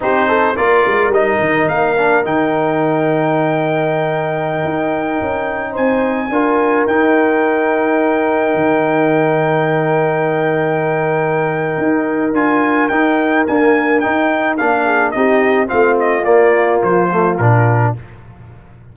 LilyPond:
<<
  \new Staff \with { instrumentName = "trumpet" } { \time 4/4 \tempo 4 = 107 c''4 d''4 dis''4 f''4 | g''1~ | g''2~ g''16 gis''4.~ gis''16~ | gis''16 g''2.~ g''8.~ |
g''1~ | g''2 gis''4 g''4 | gis''4 g''4 f''4 dis''4 | f''8 dis''8 d''4 c''4 ais'4 | }
  \new Staff \with { instrumentName = "horn" } { \time 4/4 g'8 a'8 ais'2.~ | ais'1~ | ais'2~ ais'16 c''4 ais'8.~ | ais'1~ |
ais'1~ | ais'1~ | ais'2~ ais'8 gis'8 g'4 | f'1 | }
  \new Staff \with { instrumentName = "trombone" } { \time 4/4 dis'4 f'4 dis'4. d'8 | dis'1~ | dis'2.~ dis'16 f'8.~ | f'16 dis'2.~ dis'8.~ |
dis'1~ | dis'2 f'4 dis'4 | ais4 dis'4 d'4 dis'4 | c'4 ais4. a8 d'4 | }
  \new Staff \with { instrumentName = "tuba" } { \time 4/4 c'4 ais8 gis8 g8 dis8 ais4 | dis1~ | dis16 dis'4 cis'4 c'4 d'8.~ | d'16 dis'2. dis8.~ |
dis1~ | dis4 dis'4 d'4 dis'4 | d'4 dis'4 ais4 c'4 | a4 ais4 f4 ais,4 | }
>>